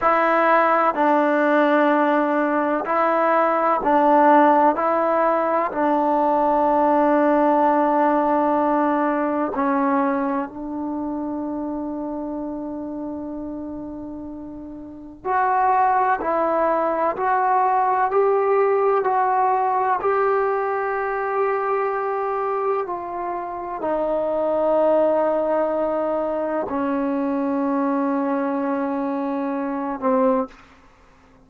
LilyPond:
\new Staff \with { instrumentName = "trombone" } { \time 4/4 \tempo 4 = 63 e'4 d'2 e'4 | d'4 e'4 d'2~ | d'2 cis'4 d'4~ | d'1 |
fis'4 e'4 fis'4 g'4 | fis'4 g'2. | f'4 dis'2. | cis'2.~ cis'8 c'8 | }